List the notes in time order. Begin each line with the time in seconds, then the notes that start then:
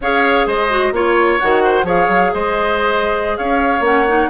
0.01 C#4 G#4 C#5 F5
0.46 G#3 C5 D#5
0.69 F#4
0.91 A#3 F4 C#5
1.39 D#3 F#4 F#5
1.63 C5
1.83 F3 G#4 C#5 F5
2.08 F#3
2.33 G#3 C5 D#5
3.37 C#4 C#5 F5
3.80 A#3 C#4 F#5
4.07 D#4